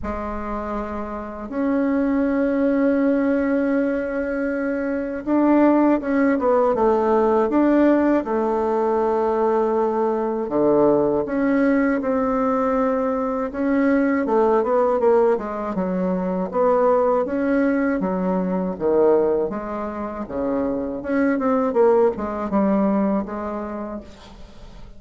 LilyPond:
\new Staff \with { instrumentName = "bassoon" } { \time 4/4 \tempo 4 = 80 gis2 cis'2~ | cis'2. d'4 | cis'8 b8 a4 d'4 a4~ | a2 d4 cis'4 |
c'2 cis'4 a8 b8 | ais8 gis8 fis4 b4 cis'4 | fis4 dis4 gis4 cis4 | cis'8 c'8 ais8 gis8 g4 gis4 | }